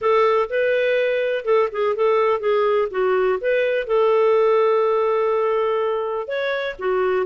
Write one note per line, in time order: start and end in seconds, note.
0.01 0.49 A4
0.49 1.44 B4
1.44 1.68 A4
1.72 1.95 G#4
1.95 2.40 A4
2.40 2.88 G#4
2.90 3.39 F#4
3.40 3.87 B4
3.87 6.27 A4
6.27 6.75 C#5
6.79 7.26 F#4